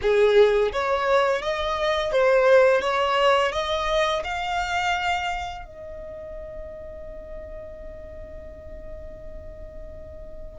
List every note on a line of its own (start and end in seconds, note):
0.01 0.72 G#4
0.72 1.41 C#5
1.41 2.12 D#5
2.12 2.81 C5
2.81 3.51 C#5
3.52 4.22 D#5
4.24 5.65 F5
5.65 10.59 D#5